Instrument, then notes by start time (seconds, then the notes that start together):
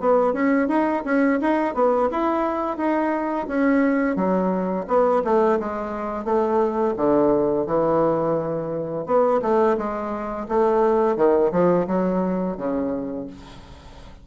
bassoon
0.00 B3
0.33 C#4
0.68 D#4
1.05 C#4
1.41 D#4
1.74 B3
2.11 E4
2.77 D#4
3.48 C#4
4.16 F#3
4.87 B3
5.24 A3
5.60 G#3
6.25 A3
6.97 D3
7.66 E3
9.06 B3
9.42 A3
9.77 G#3
10.48 A3
11.17 D#3
11.52 F3
11.87 F#3
12.57 C#3